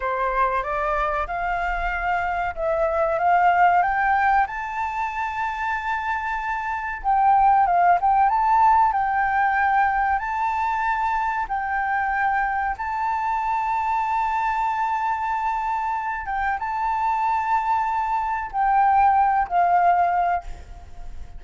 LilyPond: \new Staff \with { instrumentName = "flute" } { \time 4/4 \tempo 4 = 94 c''4 d''4 f''2 | e''4 f''4 g''4 a''4~ | a''2. g''4 | f''8 g''8 a''4 g''2 |
a''2 g''2 | a''1~ | a''4. g''8 a''2~ | a''4 g''4. f''4. | }